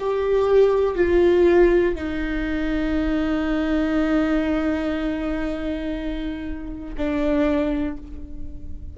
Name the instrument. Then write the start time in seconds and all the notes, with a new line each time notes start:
viola
0.00 G4
0.96 F4
1.95 D#4
6.98 D4